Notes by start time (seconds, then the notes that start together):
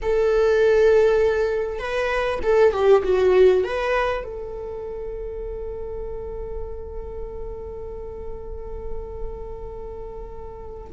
0.02 A4
1.79 B4
2.42 A4
2.72 G4
3.03 F#4
3.64 B4
4.23 A4